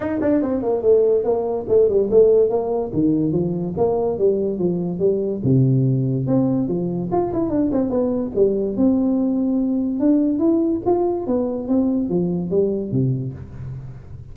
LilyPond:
\new Staff \with { instrumentName = "tuba" } { \time 4/4 \tempo 4 = 144 dis'8 d'8 c'8 ais8 a4 ais4 | a8 g8 a4 ais4 dis4 | f4 ais4 g4 f4 | g4 c2 c'4 |
f4 f'8 e'8 d'8 c'8 b4 | g4 c'2. | d'4 e'4 f'4 b4 | c'4 f4 g4 c4 | }